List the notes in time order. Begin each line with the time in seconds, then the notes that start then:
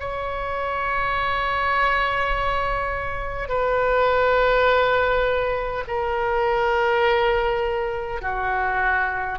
0.00 C#5
3.49 B4
5.88 A#4
8.21 F#4